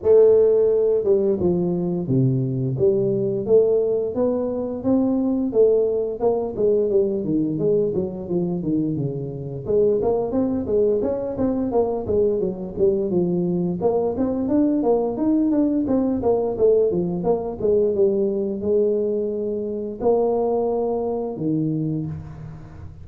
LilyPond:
\new Staff \with { instrumentName = "tuba" } { \time 4/4 \tempo 4 = 87 a4. g8 f4 c4 | g4 a4 b4 c'4 | a4 ais8 gis8 g8 dis8 gis8 fis8 | f8 dis8 cis4 gis8 ais8 c'8 gis8 |
cis'8 c'8 ais8 gis8 fis8 g8 f4 | ais8 c'8 d'8 ais8 dis'8 d'8 c'8 ais8 | a8 f8 ais8 gis8 g4 gis4~ | gis4 ais2 dis4 | }